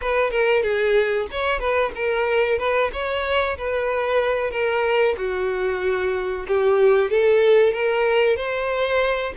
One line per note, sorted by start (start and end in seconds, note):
0.01 0.30 B4
0.30 0.62 A#4
0.62 1.27 G#4
1.31 1.59 C#5
1.59 1.91 B4
1.95 2.58 A#4
2.58 2.90 B4
2.92 3.57 C#5
3.57 4.50 B4
4.50 5.15 A#4
5.17 6.46 F#4
6.47 7.10 G4
7.10 7.72 A4
7.72 8.36 A#4
8.36 9.33 C5